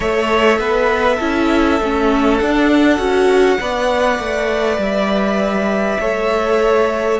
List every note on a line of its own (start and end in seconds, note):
0.00 0.58 A3
0.00 1.20 A4
0.00 0.58 C#5
0.00 2.37 E5
0.58 1.18 B3
0.58 1.16 B4
1.16 1.80 C#4
1.16 1.80 E4
1.16 3.56 A4
1.80 2.40 A3
1.80 2.41 C#4
2.37 2.97 D4
2.37 2.98 D4
2.37 4.77 F#5
2.97 3.58 C#4
2.97 3.57 F#4
3.60 4.18 B3
3.60 6.00 B4
3.60 6.00 D5
4.18 4.77 A3
4.77 5.97 G3
4.77 7.20 E5
6.00 7.20 A3
6.00 7.20 A4
6.00 7.20 C#5